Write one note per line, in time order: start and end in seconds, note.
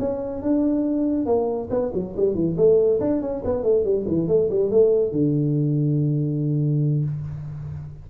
0.00 0.43 C#4
0.43 1.26 D4
1.26 1.69 A#3
1.71 1.92 B3
1.94 2.16 F#3
2.17 2.35 G3
2.35 2.57 E3
2.58 3.00 A3
3.01 3.22 D4
3.22 3.43 C#4
3.45 3.64 B3
3.64 3.85 A3
3.85 4.06 G3
4.08 4.29 E3
4.29 4.50 A3
4.51 4.71 G3
4.71 5.12 A3
5.12 7.05 D3